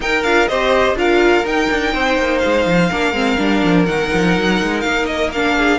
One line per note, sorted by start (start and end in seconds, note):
0.00 0.23 D#4
0.00 0.48 A#4
0.00 0.23 G5
0.23 0.48 D4
0.23 0.49 F4
0.23 0.47 F5
0.47 0.94 C4
0.47 0.96 G4
0.47 0.97 C5
0.47 0.95 D#5
0.94 1.42 D4
0.94 1.44 F4
0.94 1.93 A#4
0.94 1.46 F5
1.44 2.89 D#4
1.44 1.69 D#4
1.44 2.38 G5
1.70 1.93 D4
1.93 2.17 C4
1.93 2.89 C5
2.18 2.42 A#3
2.38 3.83 F5
2.44 2.66 G#3
2.66 2.90 F3
2.90 3.12 A#3
2.90 3.13 D4
2.90 5.56 A#4
3.12 3.36 G#3
3.12 3.38 C4
3.38 3.63 G3
3.38 3.86 D4
3.64 3.87 F3
3.86 4.11 D#3
3.86 5.32 D#4
3.86 4.80 F#5
4.13 4.37 F3
4.37 4.61 F#3
4.62 4.84 G#3
4.80 5.78 A#3
4.80 5.05 F5
5.06 5.30 D#5
5.32 5.78 D4
5.32 5.78 F5
5.57 5.78 G#4